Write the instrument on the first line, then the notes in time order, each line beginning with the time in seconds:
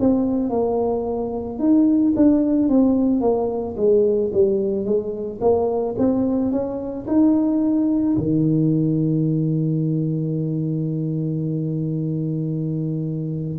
tuba
0.00 C4
0.50 A#3
1.59 D#4
2.16 D4
2.69 C4
3.21 A#3
3.77 G#3
4.33 G3
4.85 G#3
5.41 A#3
5.99 C4
6.52 C#4
7.08 D#4
8.18 D#3